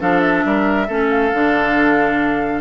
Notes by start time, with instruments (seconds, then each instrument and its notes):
0.00 bassoon F3, clarinet D4, oboe A4, flute F5
0.20 flute E5
0.45 bassoon G3, oboe A#4
0.88 bassoon A3, clarinet C#4, oboe A4
1.10 flute F5
1.34 bassoon D3, clarinet D4